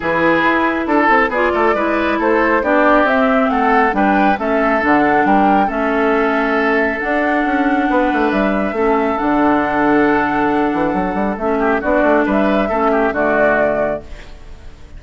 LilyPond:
<<
  \new Staff \with { instrumentName = "flute" } { \time 4/4 \tempo 4 = 137 b'2 a'4 d''4~ | d''4 c''4 d''4 e''4 | fis''4 g''4 e''4 fis''4 | g''4 e''2. |
fis''2. e''4~ | e''4 fis''2.~ | fis''2 e''4 d''4 | e''2 d''2 | }
  \new Staff \with { instrumentName = "oboe" } { \time 4/4 gis'2 a'4 gis'8 a'8 | b'4 a'4 g'2 | a'4 b'4 a'2 | ais'4 a'2.~ |
a'2 b'2 | a'1~ | a'2~ a'8 g'8 fis'4 | b'4 a'8 g'8 fis'2 | }
  \new Staff \with { instrumentName = "clarinet" } { \time 4/4 e'2. f'4 | e'2 d'4 c'4~ | c'4 d'4 cis'4 d'4~ | d'4 cis'2. |
d'1 | cis'4 d'2.~ | d'2 cis'4 d'4~ | d'4 cis'4 a2 | }
  \new Staff \with { instrumentName = "bassoon" } { \time 4/4 e4 e'4 d'8 c'8 b8 a8 | gis4 a4 b4 c'4 | a4 g4 a4 d4 | g4 a2. |
d'4 cis'4 b8 a8 g4 | a4 d2.~ | d8 e8 fis8 g8 a4 b8 a8 | g4 a4 d2 | }
>>